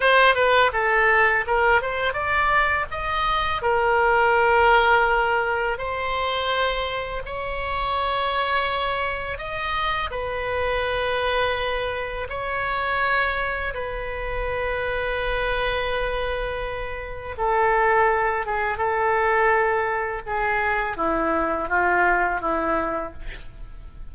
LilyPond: \new Staff \with { instrumentName = "oboe" } { \time 4/4 \tempo 4 = 83 c''8 b'8 a'4 ais'8 c''8 d''4 | dis''4 ais'2. | c''2 cis''2~ | cis''4 dis''4 b'2~ |
b'4 cis''2 b'4~ | b'1 | a'4. gis'8 a'2 | gis'4 e'4 f'4 e'4 | }